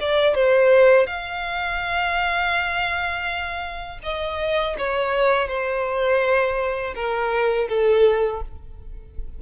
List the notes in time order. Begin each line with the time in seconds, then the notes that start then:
0.00 D5
0.34 C5
1.06 F5
4.02 D#5
4.78 C#5
5.47 C5
6.94 A#4
7.68 A4